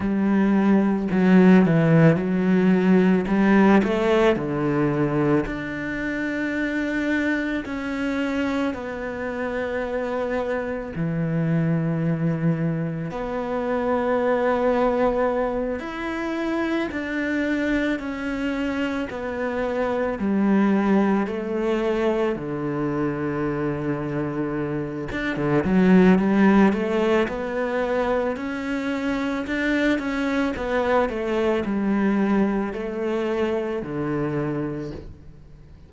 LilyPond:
\new Staff \with { instrumentName = "cello" } { \time 4/4 \tempo 4 = 55 g4 fis8 e8 fis4 g8 a8 | d4 d'2 cis'4 | b2 e2 | b2~ b8 e'4 d'8~ |
d'8 cis'4 b4 g4 a8~ | a8 d2~ d8 d'16 d16 fis8 | g8 a8 b4 cis'4 d'8 cis'8 | b8 a8 g4 a4 d4 | }